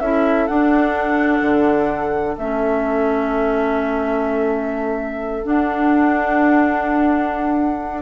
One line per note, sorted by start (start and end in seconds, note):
0.00 0.47 C#4
0.00 0.49 E4
0.00 8.02 A4
0.00 0.47 E5
0.47 2.38 D4
0.47 1.42 D4
0.47 2.36 F#5
1.42 2.36 D3
2.38 5.45 A3
2.38 5.44 C#4
2.38 5.44 E5
5.44 8.02 D4
5.44 8.02 F#5